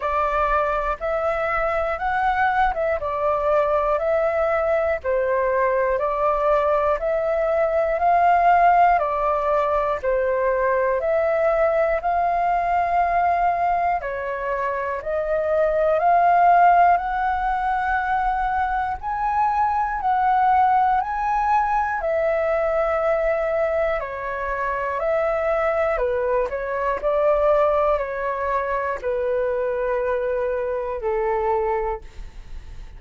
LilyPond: \new Staff \with { instrumentName = "flute" } { \time 4/4 \tempo 4 = 60 d''4 e''4 fis''8. e''16 d''4 | e''4 c''4 d''4 e''4 | f''4 d''4 c''4 e''4 | f''2 cis''4 dis''4 |
f''4 fis''2 gis''4 | fis''4 gis''4 e''2 | cis''4 e''4 b'8 cis''8 d''4 | cis''4 b'2 a'4 | }